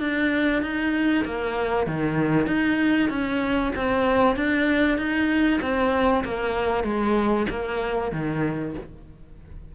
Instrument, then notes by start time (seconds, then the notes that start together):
cello
0.00 D4
0.62 D#4
1.25 A#3
1.86 D#3
2.47 D#4
3.09 C#4
3.76 C4
4.36 D4
4.97 D#4
5.61 C4
6.24 A#3
6.84 G#3
7.50 A#3
8.12 D#3